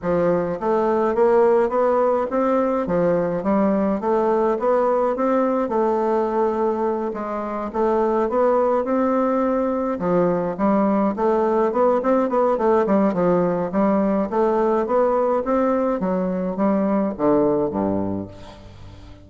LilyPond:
\new Staff \with { instrumentName = "bassoon" } { \time 4/4 \tempo 4 = 105 f4 a4 ais4 b4 | c'4 f4 g4 a4 | b4 c'4 a2~ | a8 gis4 a4 b4 c'8~ |
c'4. f4 g4 a8~ | a8 b8 c'8 b8 a8 g8 f4 | g4 a4 b4 c'4 | fis4 g4 d4 g,4 | }